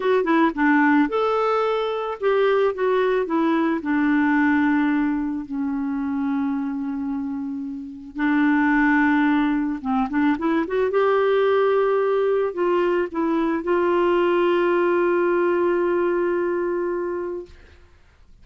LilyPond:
\new Staff \with { instrumentName = "clarinet" } { \time 4/4 \tempo 4 = 110 fis'8 e'8 d'4 a'2 | g'4 fis'4 e'4 d'4~ | d'2 cis'2~ | cis'2. d'4~ |
d'2 c'8 d'8 e'8 fis'8 | g'2. f'4 | e'4 f'2.~ | f'1 | }